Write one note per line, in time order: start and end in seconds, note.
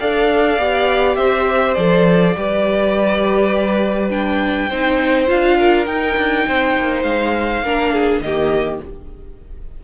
0.00 0.59 D4
0.00 0.59 A4
0.00 1.17 D5
0.00 1.16 F5
0.59 1.17 B3
0.59 1.76 G4
1.16 1.76 C4
1.16 2.35 C5
1.16 1.74 E5
1.74 2.36 F3
1.74 2.35 A4
1.74 4.10 D5
2.36 4.71 G3
2.36 4.10 G4
2.36 4.69 B4
4.10 4.69 D4
4.10 5.29 G5
4.69 5.30 C4
4.69 5.27 D#4
4.69 5.58 C5
5.27 5.87 D4
5.27 5.86 F4
5.27 5.87 F5
5.59 6.47 A#4
5.87 7.63 D#4
5.87 6.16 D#4
5.87 7.03 G5
6.17 6.47 D4
6.48 6.77 C4
6.48 7.65 C5
6.78 7.04 A#3
7.03 7.62 G#3
7.03 8.21 F5
7.62 8.21 A#3
7.62 8.24 D4
7.62 7.93 A#4
7.93 8.23 G#4
8.21 8.80 D#3
8.21 8.84 A#3
8.21 8.84 G4
8.21 8.80 D#5